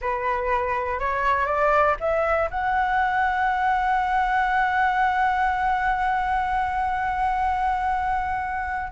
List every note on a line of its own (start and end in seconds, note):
0.01 0.99 B4
0.99 1.46 C#5
1.46 1.95 D5
2.00 2.49 E5
2.50 8.92 F#5